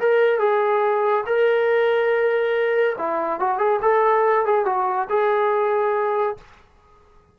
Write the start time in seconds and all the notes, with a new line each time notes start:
0.00 A#4
0.40 G#4
1.26 A#4
2.98 E4
3.40 F#4
3.59 G#4
3.82 A4
4.46 G#4
4.66 F#4
5.10 G#4